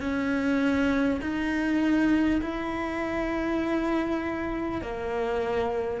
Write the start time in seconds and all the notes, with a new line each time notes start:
0.00 C#4
1.21 D#4
2.41 E4
4.81 A#3